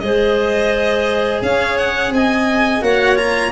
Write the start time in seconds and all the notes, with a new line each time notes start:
0.00 G#3 G#4 C5 D#5
1.41 C#4 C#5 F5
1.77 F#5
2.11 C4 D#5 G#5
2.81 A#3 F#4 C#5 F#5
3.15 F4 A#5